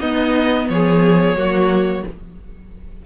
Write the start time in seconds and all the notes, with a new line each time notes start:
0.00 B3 D#4 D#5
0.69 F3 G#4 C#5
1.35 F#3 A#3 F#4